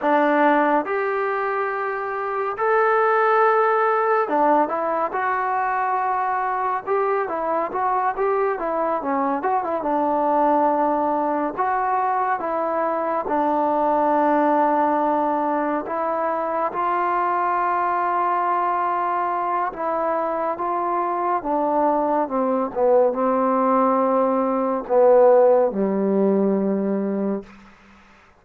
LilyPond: \new Staff \with { instrumentName = "trombone" } { \time 4/4 \tempo 4 = 70 d'4 g'2 a'4~ | a'4 d'8 e'8 fis'2 | g'8 e'8 fis'8 g'8 e'8 cis'8 fis'16 e'16 d'8~ | d'4. fis'4 e'4 d'8~ |
d'2~ d'8 e'4 f'8~ | f'2. e'4 | f'4 d'4 c'8 b8 c'4~ | c'4 b4 g2 | }